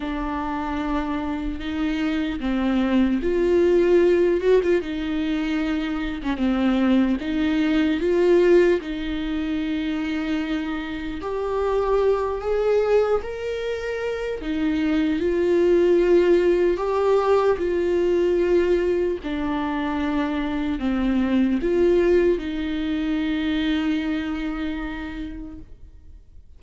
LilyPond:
\new Staff \with { instrumentName = "viola" } { \time 4/4 \tempo 4 = 75 d'2 dis'4 c'4 | f'4. fis'16 f'16 dis'4.~ dis'16 cis'16 | c'4 dis'4 f'4 dis'4~ | dis'2 g'4. gis'8~ |
gis'8 ais'4. dis'4 f'4~ | f'4 g'4 f'2 | d'2 c'4 f'4 | dis'1 | }